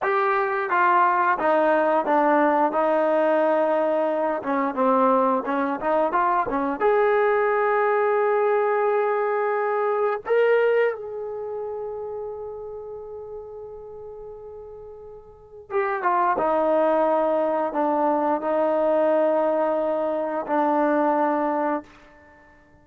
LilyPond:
\new Staff \with { instrumentName = "trombone" } { \time 4/4 \tempo 4 = 88 g'4 f'4 dis'4 d'4 | dis'2~ dis'8 cis'8 c'4 | cis'8 dis'8 f'8 cis'8 gis'2~ | gis'2. ais'4 |
gis'1~ | gis'2. g'8 f'8 | dis'2 d'4 dis'4~ | dis'2 d'2 | }